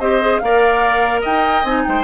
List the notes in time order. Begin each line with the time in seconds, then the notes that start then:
0.00 C4 G4 C5 D#5
0.21 G#4
0.39 A#3 A#4 D5 F5
1.21 D#4 D#5 G5
1.64 C4 D#4 G#5
1.85 G#3 C5 G5